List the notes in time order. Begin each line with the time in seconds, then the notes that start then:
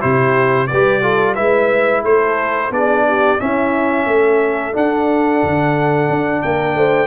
0.00 C3 E4 G4 C5
0.67 G3 B4 D5
0.73 G4
1.02 F4 A4
1.35 G#3 E4 B4 E5
2.03 A3 A4 C5
2.70 B3 D4 G#4 D5
3.07 G4
3.39 C#4 E4 E5
4.06 A3 A4
4.73 D4 F#5
5.44 D3
6.09 D4
6.42 A#3 A#4 G5
6.75 A3 C5